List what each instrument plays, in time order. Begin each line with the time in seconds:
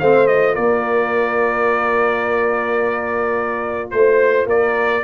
0.00 tuba A3, trombone C4, horn C5, trumpet F5
0.27 trombone F4, trumpet D#5
0.55 tuba A#3, horn A#4, trumpet D5
3.91 tuba A3, trumpet C5, horn C5
4.47 tuba A#3, horn A#4, trumpet D5